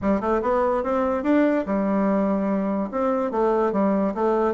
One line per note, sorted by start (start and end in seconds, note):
0.01 0.20 G3
0.20 0.41 A3
0.42 0.83 B3
0.83 1.23 C4
1.23 1.64 D4
1.66 2.90 G3
2.91 3.31 C4
3.31 3.72 A3
3.72 4.13 G3
4.14 4.54 A3